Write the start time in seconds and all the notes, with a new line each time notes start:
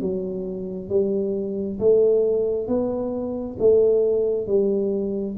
0.00 F#3
0.89 G3
1.79 A3
2.67 B3
3.59 A3
4.47 G3